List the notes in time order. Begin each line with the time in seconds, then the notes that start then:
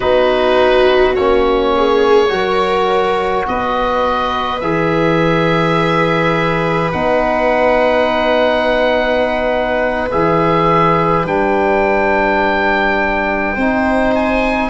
0.00 B3 D#4 F#4 B4
1.15 A#3 C#4 C#5
1.75 G#4
2.28 F#3 F#4 A#4
3.47 B3 B4 D#5
4.60 E3 G#4 E5
6.92 B3 D#4 F#5
10.11 E3 G#4 E5
11.25 G3 D4 G5
13.55 C4 D#4 C5
14.15 G#5